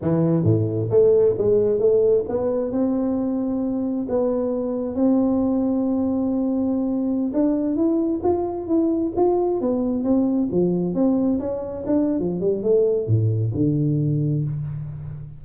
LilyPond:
\new Staff \with { instrumentName = "tuba" } { \time 4/4 \tempo 4 = 133 e4 a,4 a4 gis4 | a4 b4 c'2~ | c'4 b2 c'4~ | c'1~ |
c'16 d'4 e'4 f'4 e'8.~ | e'16 f'4 b4 c'4 f8.~ | f16 c'4 cis'4 d'8. f8 g8 | a4 a,4 d2 | }